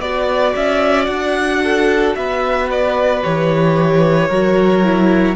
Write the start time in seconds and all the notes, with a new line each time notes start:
0.00 B3 F#4 D5
0.56 C#4 E5
1.05 D4 F#5
1.63 A4
2.15 B3 B4 E5
2.71 D5
3.23 E3 G4 C#5
4.28 F#3 F#4 A#4
4.84 E4